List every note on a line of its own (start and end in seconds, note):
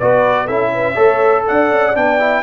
0.00 0.50 B3
0.00 0.49 F#4
0.00 0.47 B4
0.00 0.48 D5
0.47 0.97 C#4
0.47 0.96 E4
0.47 0.71 A4
0.47 1.45 E5
0.74 0.95 B4
0.95 1.46 A3
0.95 1.93 A4
0.95 1.44 C#5
1.48 1.72 D4
1.48 2.43 D5
1.48 1.96 F#5
1.72 1.97 C#4
1.95 2.43 B3
1.95 2.20 D4
1.95 2.43 G5
2.20 2.43 E4